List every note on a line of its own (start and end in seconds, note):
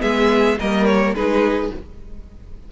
0.00 0.60 G#3
0.00 0.57 B3
0.00 0.57 G#4
0.00 0.58 E5
0.60 1.14 G3
0.60 1.16 A#3
0.60 1.16 A#4
0.60 0.85 D#5
0.85 1.13 C#5
1.14 1.70 G#3
1.14 1.72 D#4
1.14 1.72 G#4
1.14 1.72 B4